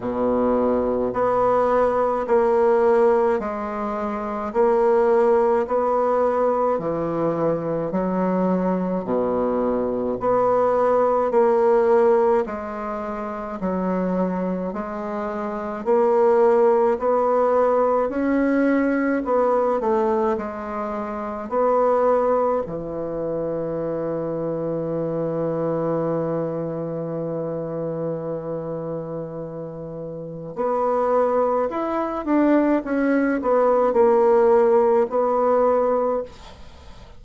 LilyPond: \new Staff \with { instrumentName = "bassoon" } { \time 4/4 \tempo 4 = 53 b,4 b4 ais4 gis4 | ais4 b4 e4 fis4 | b,4 b4 ais4 gis4 | fis4 gis4 ais4 b4 |
cis'4 b8 a8 gis4 b4 | e1~ | e2. b4 | e'8 d'8 cis'8 b8 ais4 b4 | }